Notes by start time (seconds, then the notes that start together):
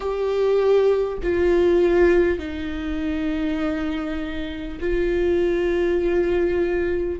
0.00 G4
1.22 F4
2.38 D#4
4.80 F4